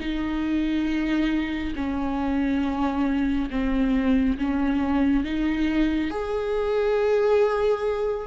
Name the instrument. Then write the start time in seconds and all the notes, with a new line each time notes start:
viola
0.00 D#4
1.75 C#4
3.51 C4
4.38 C#4
5.24 D#4
6.10 G#4